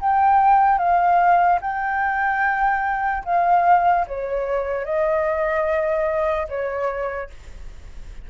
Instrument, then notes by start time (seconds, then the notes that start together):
flute
0.00 G5
0.78 F5
1.61 G5
3.25 F5
4.07 C#5
4.85 D#5
6.49 C#5